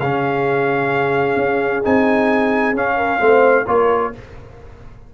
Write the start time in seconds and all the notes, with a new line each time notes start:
0.00 C#3 C#4 G#4 F5
1.37 C#4
1.84 C4 D#4 G#5
2.74 C#4 F5
2.96 A#4
3.19 A3 C4 C5
3.67 A#3 F4 A#4 C#5